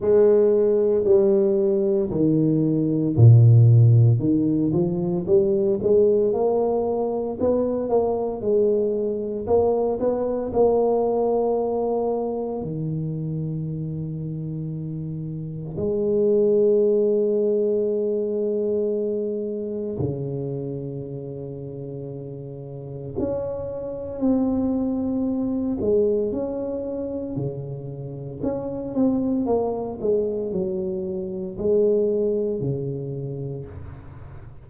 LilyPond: \new Staff \with { instrumentName = "tuba" } { \time 4/4 \tempo 4 = 57 gis4 g4 dis4 ais,4 | dis8 f8 g8 gis8 ais4 b8 ais8 | gis4 ais8 b8 ais2 | dis2. gis4~ |
gis2. cis4~ | cis2 cis'4 c'4~ | c'8 gis8 cis'4 cis4 cis'8 c'8 | ais8 gis8 fis4 gis4 cis4 | }